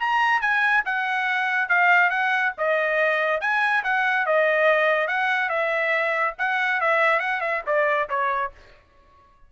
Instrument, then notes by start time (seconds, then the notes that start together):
trumpet
0.00 A#5
0.42 G#5
0.86 F#5
1.69 F5
2.10 F#5
2.58 D#5
3.41 G#5
3.84 F#5
4.26 D#5
5.08 F#5
5.50 E5
6.39 F#5
6.81 E5
7.20 F#5
7.41 E5
7.67 D5
8.09 C#5